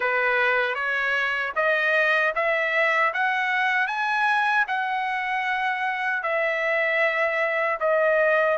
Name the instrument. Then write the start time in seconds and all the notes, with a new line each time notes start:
trumpet
0.00 B4
0.74 C#5
1.55 D#5
2.35 E5
3.13 F#5
3.87 G#5
4.68 F#5
6.22 E5
7.80 D#5